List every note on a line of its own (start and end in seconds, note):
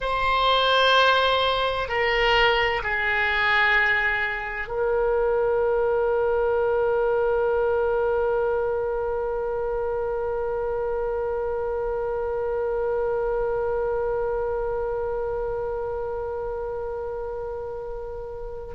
0.00 1.88 C5
1.88 2.82 A#4
2.83 4.67 G#4
4.67 18.73 A#4